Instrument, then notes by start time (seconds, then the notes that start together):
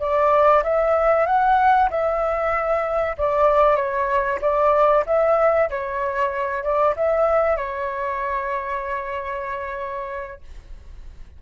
flute
0.00 D5
0.64 E5
1.27 F#5
1.90 E5
3.18 D5
3.76 C#5
4.42 D5
5.06 E5
5.70 C#5
6.64 D5
6.96 E5
7.57 C#5